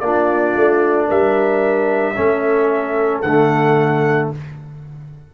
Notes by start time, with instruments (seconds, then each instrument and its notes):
0.00 tuba A#3, trombone D4, horn F4, trumpet D5
0.55 tuba A3
1.08 tuba G3, horn A#4, trumpet E5
2.15 tuba A3, trombone C#4, horn A4
3.21 tuba D3, trombone A3, trumpet F#5